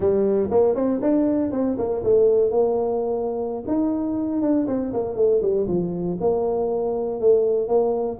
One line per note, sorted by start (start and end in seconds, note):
0.00 0.50 G3
0.50 0.75 A#3
0.75 1.00 C4
1.02 1.51 D4
1.51 1.76 C4
1.78 2.03 A#3
2.03 2.50 A3
2.50 3.64 A#3
3.67 4.41 D#4
4.41 4.66 D4
4.67 4.92 C4
4.93 5.16 A#3
5.16 5.41 A3
5.42 5.67 G3
5.67 6.18 F3
6.20 7.20 A#3
7.20 7.68 A3
7.68 8.18 A#3